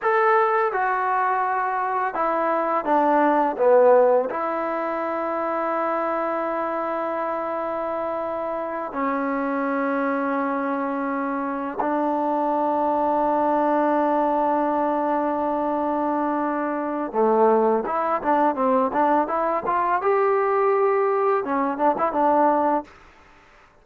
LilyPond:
\new Staff \with { instrumentName = "trombone" } { \time 4/4 \tempo 4 = 84 a'4 fis'2 e'4 | d'4 b4 e'2~ | e'1~ | e'8 cis'2.~ cis'8~ |
cis'8 d'2.~ d'8~ | d'1 | a4 e'8 d'8 c'8 d'8 e'8 f'8 | g'2 cis'8 d'16 e'16 d'4 | }